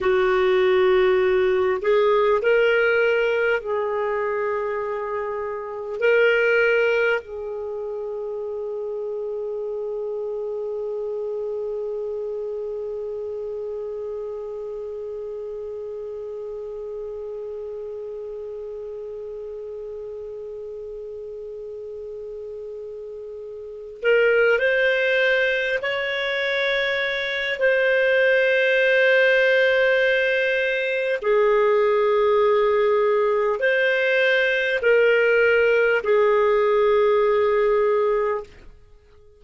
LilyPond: \new Staff \with { instrumentName = "clarinet" } { \time 4/4 \tempo 4 = 50 fis'4. gis'8 ais'4 gis'4~ | gis'4 ais'4 gis'2~ | gis'1~ | gis'1~ |
gis'1 | ais'8 c''4 cis''4. c''4~ | c''2 gis'2 | c''4 ais'4 gis'2 | }